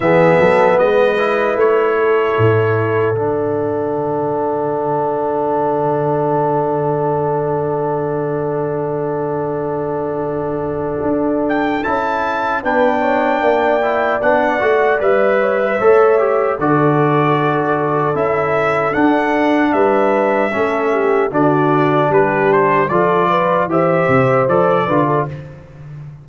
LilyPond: <<
  \new Staff \with { instrumentName = "trumpet" } { \time 4/4 \tempo 4 = 76 e''4 dis''4 cis''2 | fis''1~ | fis''1~ | fis''2~ fis''8 g''8 a''4 |
g''2 fis''4 e''4~ | e''4 d''2 e''4 | fis''4 e''2 d''4 | b'8 c''8 d''4 e''4 d''4 | }
  \new Staff \with { instrumentName = "horn" } { \time 4/4 gis'8 a'8 b'4. a'4.~ | a'1~ | a'1~ | a'1 |
b'8 cis''8 d''2~ d''8 cis''16 b'16 | cis''4 a'2.~ | a'4 b'4 a'8 g'8 fis'4 | g'4 a'8 b'8 c''4. b'16 a'16 | }
  \new Staff \with { instrumentName = "trombone" } { \time 4/4 b4. e'2~ e'8 | d'1~ | d'1~ | d'2. e'4 |
d'4. e'8 d'8 fis'8 b'4 | a'8 g'8 fis'2 e'4 | d'2 cis'4 d'4~ | d'4 f'4 g'4 a'8 f'8 | }
  \new Staff \with { instrumentName = "tuba" } { \time 4/4 e8 fis8 gis4 a4 a,4 | d1~ | d1~ | d2 d'4 cis'4 |
b4 ais4 b8 a8 g4 | a4 d2 cis'4 | d'4 g4 a4 d4 | g4 f4 e8 c8 f8 d8 | }
>>